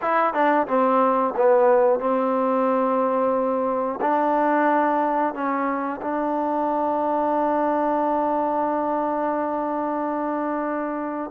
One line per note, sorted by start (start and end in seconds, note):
0.02 0.33 E4
0.33 0.66 D4
0.67 1.34 C4
1.36 1.99 B3
1.99 3.99 C4
4.01 5.33 D4
5.33 6.00 C#4
6.01 11.30 D4